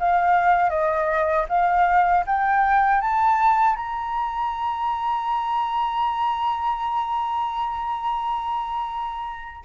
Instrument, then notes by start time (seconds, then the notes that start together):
flute
0.00 F5
0.70 D#5
1.49 F5
2.27 G5
3.01 A5
3.76 A#5